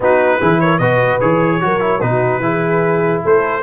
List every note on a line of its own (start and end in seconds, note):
0.00 0.38 B3
0.00 0.41 D#4
0.00 0.39 F#4
0.00 0.60 B4
0.39 0.79 E3
0.39 0.80 E4
0.39 0.59 G#4
0.60 0.78 A#4
0.60 0.78 C#5
0.78 1.19 B2
0.78 1.20 F#4
0.78 1.59 B4
0.78 1.18 D#5
1.20 1.61 E3
1.20 1.61 G#4
1.20 2.00 C#5
1.61 2.02 F#3
1.61 1.80 F#4
1.61 2.02 A#4
1.80 2.00 E4
2.00 2.39 B2
2.00 2.41 D#4
2.00 2.42 F#4
2.00 3.21 B4
2.39 3.19 E3
2.39 3.62 E4
2.39 3.23 G#4
3.23 3.63 A3
3.23 3.63 A4
3.23 3.63 C5